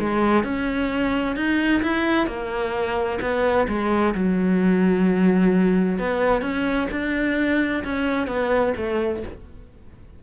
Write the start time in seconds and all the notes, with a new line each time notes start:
0.00 G#3
0.44 C#4
1.36 D#4
1.83 E4
2.27 A#3
3.21 B3
3.68 G#3
4.15 F#3
5.99 B3
6.42 C#4
6.91 D4
7.84 C#4
8.28 B3
8.77 A3